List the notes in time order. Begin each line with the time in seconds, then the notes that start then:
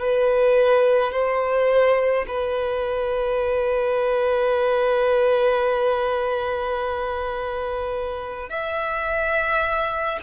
0.00 B4
1.13 C5
2.28 B4
8.50 E5